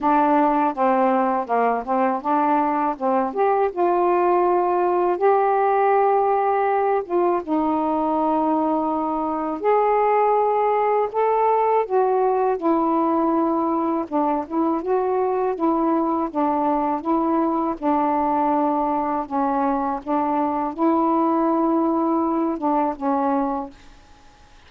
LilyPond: \new Staff \with { instrumentName = "saxophone" } { \time 4/4 \tempo 4 = 81 d'4 c'4 ais8 c'8 d'4 | c'8 g'8 f'2 g'4~ | g'4. f'8 dis'2~ | dis'4 gis'2 a'4 |
fis'4 e'2 d'8 e'8 | fis'4 e'4 d'4 e'4 | d'2 cis'4 d'4 | e'2~ e'8 d'8 cis'4 | }